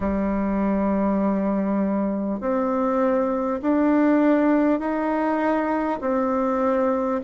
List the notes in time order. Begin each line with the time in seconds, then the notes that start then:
0.00 G3
2.40 C4
3.62 D4
4.79 D#4
6.00 C4